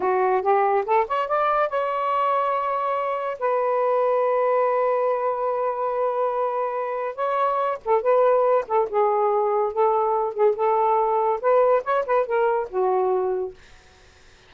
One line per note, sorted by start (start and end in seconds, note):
0.00 0.41 F#4
0.42 0.84 G4
0.85 1.06 A4
1.07 1.28 C#5
1.28 1.69 D5
1.69 3.38 C#5
3.39 7.15 B4
7.15 7.78 C#5
7.84 8.01 A4
8.01 8.65 B4
8.67 8.88 A4
8.89 9.72 G#4
9.72 10.33 A4
10.33 10.55 G#4
10.55 11.40 A4
11.41 11.83 B4
11.84 12.05 C#5
12.05 12.26 B4
12.26 12.68 A#4
12.69 13.54 F#4